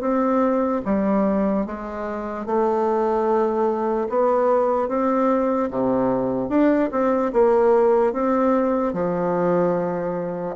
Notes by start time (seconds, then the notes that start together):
0.00 C4
0.85 G3
1.66 G#3
2.45 A3
4.09 B3
4.88 C4
5.70 C3
6.49 D4
6.91 C4
7.33 A#3
8.13 C4
8.93 F3